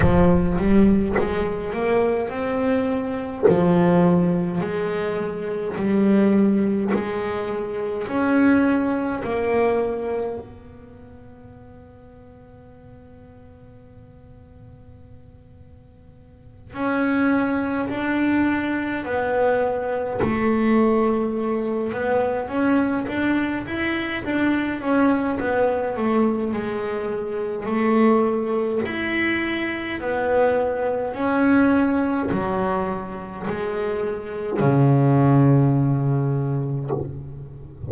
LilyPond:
\new Staff \with { instrumentName = "double bass" } { \time 4/4 \tempo 4 = 52 f8 g8 gis8 ais8 c'4 f4 | gis4 g4 gis4 cis'4 | ais4 b2.~ | b2~ b8 cis'4 d'8~ |
d'8 b4 a4. b8 cis'8 | d'8 e'8 d'8 cis'8 b8 a8 gis4 | a4 e'4 b4 cis'4 | fis4 gis4 cis2 | }